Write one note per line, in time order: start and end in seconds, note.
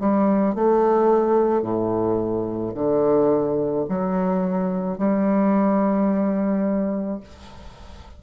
0.00 0.55 G3
0.55 1.62 A3
1.62 2.73 A2
2.75 3.86 D3
3.89 4.98 F#3
4.98 7.20 G3